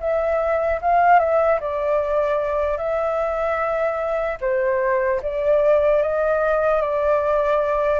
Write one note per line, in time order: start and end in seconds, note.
0.00 0.80 E5
0.81 1.19 F5
1.19 1.59 E5
1.60 2.77 D5
2.77 4.37 E5
4.40 5.20 C5
5.22 6.02 D5
6.02 6.81 D#5
6.81 7.99 D5